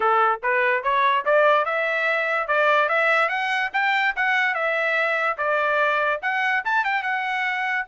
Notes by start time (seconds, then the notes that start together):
0.00 A4
0.43 B4
0.83 C#5
1.25 D5
1.65 E5
2.47 D5
2.88 E5
3.29 F#5
3.73 G5
4.16 F#5
4.54 E5
5.37 D5
6.22 F#5
6.64 A5
6.84 G5
7.03 F#5